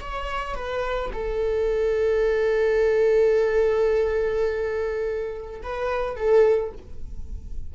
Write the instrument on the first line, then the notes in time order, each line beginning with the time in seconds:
viola
0.00 C#5
0.55 B4
1.13 A4
5.63 B4
6.16 A4